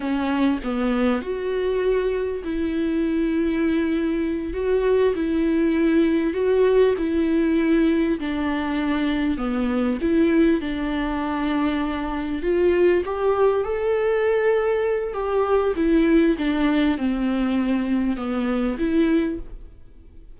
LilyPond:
\new Staff \with { instrumentName = "viola" } { \time 4/4 \tempo 4 = 99 cis'4 b4 fis'2 | e'2.~ e'8 fis'8~ | fis'8 e'2 fis'4 e'8~ | e'4. d'2 b8~ |
b8 e'4 d'2~ d'8~ | d'8 f'4 g'4 a'4.~ | a'4 g'4 e'4 d'4 | c'2 b4 e'4 | }